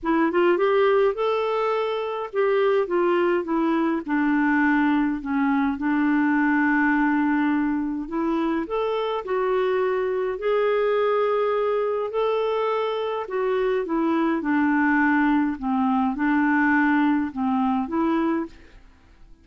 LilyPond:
\new Staff \with { instrumentName = "clarinet" } { \time 4/4 \tempo 4 = 104 e'8 f'8 g'4 a'2 | g'4 f'4 e'4 d'4~ | d'4 cis'4 d'2~ | d'2 e'4 a'4 |
fis'2 gis'2~ | gis'4 a'2 fis'4 | e'4 d'2 c'4 | d'2 c'4 e'4 | }